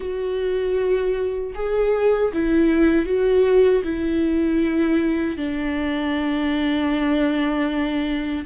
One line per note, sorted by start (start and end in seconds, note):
0.00 1.53 F#4
1.55 2.31 G#4
2.33 3.05 E4
3.05 3.82 F#4
3.83 5.37 E4
5.37 8.44 D4